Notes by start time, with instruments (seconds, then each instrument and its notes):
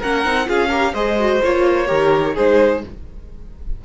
0.00 cello A#3, viola C#4, violin A#4 F#5
0.25 cello C4, viola D#4
0.46 cello C#4, viola F4, violin G#4 F5
0.70 viola G4, violin A#4
0.93 cello G#3, viola G#4, violin C5 D#5
1.19 viola F#4
1.43 cello A#3, viola F4, violin C#5
1.87 cello D#3, viola G4, violin A#4
2.34 cello G#3, viola D#4, violin G#4 C5